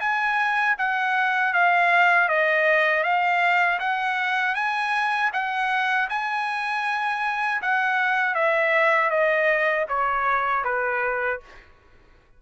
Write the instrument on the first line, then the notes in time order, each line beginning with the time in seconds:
trumpet
0.00 G#5
0.79 F#5
1.54 F5
2.29 D#5
3.03 F5
3.79 F#5
4.55 G#5
5.33 F#5
6.10 G#5
7.62 F#5
8.35 E5
9.10 D#5
9.89 C#5
10.64 B4